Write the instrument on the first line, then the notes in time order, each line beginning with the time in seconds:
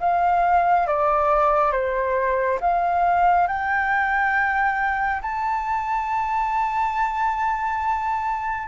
flute
0.00 F5
0.87 D5
1.72 C5
2.60 F5
3.47 G5
5.22 A5